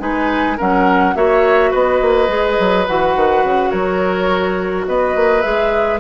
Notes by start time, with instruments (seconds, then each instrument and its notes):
0.00 bassoon G#3, clarinet D#4, oboe B4, flute G#5
0.57 bassoon F#3, clarinet C#4, oboe A#4, flute F#5
1.15 bassoon A#3, clarinet F#4, oboe C#5, flute E5
1.71 bassoon B3, oboe B4, flute D#5
2.01 bassoon A#3
2.28 bassoon G#3, clarinet G#4
2.60 bassoon F#3
2.87 bassoon E3, clarinet F#4, flute F#5
3.16 bassoon D#3
3.44 bassoon C#3
3.71 bassoon F#3, oboe A#4, flute C#5
4.88 bassoon B3, oboe B4, flute D#5
5.16 bassoon A#3
5.42 bassoon G#3, clarinet G#4, flute E5